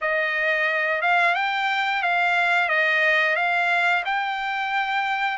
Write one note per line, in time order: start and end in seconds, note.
0.01 1.01 D#5
1.01 1.35 F5
1.35 2.02 G5
2.02 2.68 F5
2.68 3.36 D#5
3.36 4.03 F5
4.05 5.37 G5